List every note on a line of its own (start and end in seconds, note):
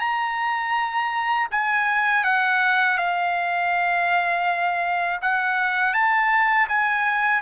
0.00 1.48 A#5
1.52 2.25 G#5
2.25 2.98 F#5
2.98 5.20 F5
5.22 5.94 F#5
5.94 6.68 A5
6.69 7.42 G#5